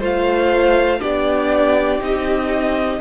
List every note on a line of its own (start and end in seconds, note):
0.00 1.01 A3
0.00 1.00 F4
0.00 1.00 C5
0.00 1.01 F5
1.00 2.01 B3
1.00 2.00 D4
1.00 3.00 G4
1.00 2.01 D5
2.00 3.01 C4
2.00 3.00 D#4
2.00 3.01 D#5